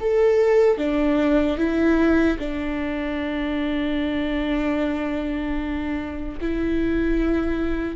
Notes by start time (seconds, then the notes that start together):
0.00 A4
0.77 D4
1.58 E4
2.39 D4
6.41 E4